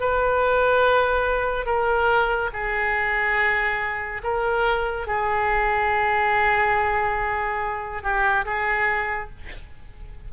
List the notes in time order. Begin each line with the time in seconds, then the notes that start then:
0.00 B4
1.65 A#4
2.52 G#4
4.23 A#4
5.07 G#4
8.02 G4
8.45 G#4